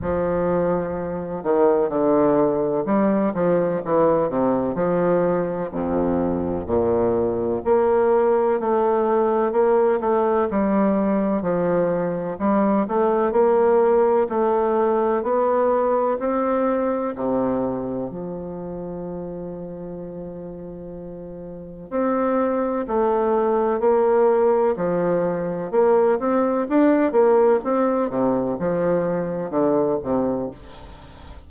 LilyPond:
\new Staff \with { instrumentName = "bassoon" } { \time 4/4 \tempo 4 = 63 f4. dis8 d4 g8 f8 | e8 c8 f4 f,4 ais,4 | ais4 a4 ais8 a8 g4 | f4 g8 a8 ais4 a4 |
b4 c'4 c4 f4~ | f2. c'4 | a4 ais4 f4 ais8 c'8 | d'8 ais8 c'8 c8 f4 d8 c8 | }